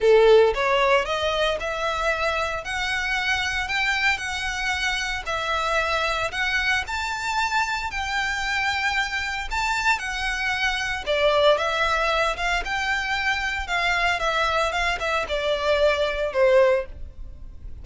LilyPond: \new Staff \with { instrumentName = "violin" } { \time 4/4 \tempo 4 = 114 a'4 cis''4 dis''4 e''4~ | e''4 fis''2 g''4 | fis''2 e''2 | fis''4 a''2 g''4~ |
g''2 a''4 fis''4~ | fis''4 d''4 e''4. f''8 | g''2 f''4 e''4 | f''8 e''8 d''2 c''4 | }